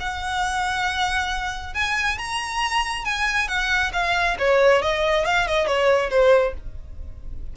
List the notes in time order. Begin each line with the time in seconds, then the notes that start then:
0.00 F#5
1.74 G#5
2.18 A#5
3.05 G#5
3.48 F#5
3.93 F5
4.39 C#5
4.82 D#5
5.25 F5
5.47 D#5
5.67 C#5
6.10 C5